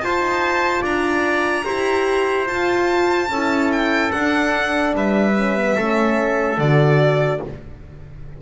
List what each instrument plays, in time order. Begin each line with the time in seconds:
0.00 double bass F4, horn F4, trumpet C5, violin A5
0.18 double bass D#4
0.81 double bass D4, trumpet D5, violin A#5
1.65 double bass E4, horn G4, trumpet C5
2.46 horn F4, double bass F4, violin A5
3.28 double bass C#4, horn E4, trumpet A4
3.72 violin G5
4.11 horn D4, double bass D4, violin F#5
4.93 double bass G3, trumpet B4, violin E5
5.36 horn C#4
5.57 horn B3
5.75 double bass A3, horn C#4, trumpet A4
6.58 double bass D3, horn F#4, violin D5